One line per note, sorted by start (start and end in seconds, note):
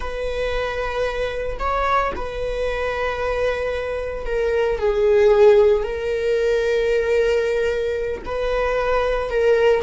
0.00 1.57 B4
1.59 2.12 C#5
2.15 4.25 B4
4.25 4.78 A#4
4.79 5.83 G#4
5.83 8.22 A#4
8.25 9.30 B4
9.30 9.82 A#4